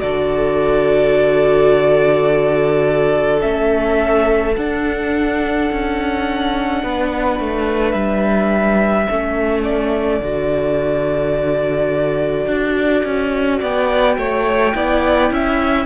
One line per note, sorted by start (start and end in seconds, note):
0.00 3.41 D3
0.00 3.40 F#4
0.00 6.82 A4
0.00 3.40 D5
3.40 4.56 A3
3.40 4.53 C#4
3.40 4.54 E5
4.56 5.70 D4
4.56 9.09 D4
4.56 7.91 F#5
5.71 6.83 C#4
6.83 7.39 B3
6.83 9.09 B4
7.39 7.93 A3
7.91 9.06 G3
7.91 9.61 E5
9.09 10.20 A3
9.09 10.22 C#4
9.09 13.59 A4
9.63 13.60 D5
10.20 12.46 D3
10.20 14.74 F#4
12.46 13.03 D4
13.04 13.61 C#4
13.59 14.17 B3
13.59 14.16 D5
13.59 15.85 G5
14.17 14.74 A3
14.17 14.74 C#5
14.74 15.31 B3
14.74 15.85 E4
14.74 15.32 D5
15.31 15.85 C#4
15.31 15.85 E5